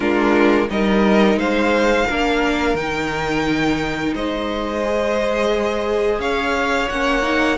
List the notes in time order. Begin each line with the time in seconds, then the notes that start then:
0.00 G#3 D4 F4 A#4
0.70 G3 D#4 A#4 D#5
1.35 G#3 C5 F5
2.06 A#3 D4 A#4
2.74 D#3 D#4 G5
4.14 G#3 C5 D#5
4.84 G#4
6.19 C#4 C#5 F5
6.89 A#3 C#4 F#5
7.22 D#4